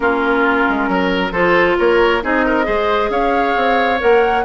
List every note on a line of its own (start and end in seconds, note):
0.00 0.64 A#3
0.00 1.32 C#4
0.00 0.89 F4
0.00 1.31 A#4
0.68 0.88 G#3
0.88 1.31 F#3
0.88 1.32 A#4
1.31 1.75 F3
1.31 2.22 F4
1.31 1.76 A4
1.31 1.76 C5
1.78 2.23 A#3
1.78 2.23 A#4
1.78 2.22 C#5
2.22 2.67 C4
2.22 2.63 D#4
2.22 2.45 G#4
2.22 3.10 D#5
2.45 2.65 A#4
2.63 3.09 G#3
2.63 3.96 G#4
2.63 3.10 C5
3.09 3.54 C#4
3.09 4.44 C#5
3.09 3.99 F5
3.56 4.01 C4
3.99 4.44 A#3
3.99 4.43 A#4
3.99 4.44 F#5